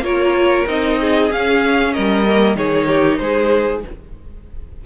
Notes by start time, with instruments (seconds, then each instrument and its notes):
0.00 cello A#3, viola F4, violin A#4 C#5
0.67 cello C4, viola D#4, violin D#5
1.01 violin G#4
1.30 viola C#4, cello C#4, violin F5
1.93 cello G3, violin A#4 D#5
2.27 viola A#3
2.56 cello D#3, viola D#4, violin G#4 C#5
2.87 violin G4
3.18 cello G#3, violin G#4 C5